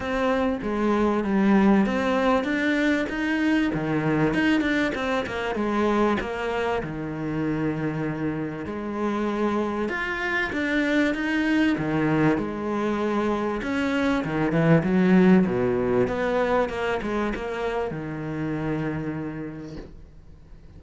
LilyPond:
\new Staff \with { instrumentName = "cello" } { \time 4/4 \tempo 4 = 97 c'4 gis4 g4 c'4 | d'4 dis'4 dis4 dis'8 d'8 | c'8 ais8 gis4 ais4 dis4~ | dis2 gis2 |
f'4 d'4 dis'4 dis4 | gis2 cis'4 dis8 e8 | fis4 b,4 b4 ais8 gis8 | ais4 dis2. | }